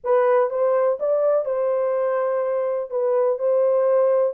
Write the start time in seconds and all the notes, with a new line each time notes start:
0.04 B4
0.50 C5
0.99 D5
1.45 C5
2.90 B4
3.38 C5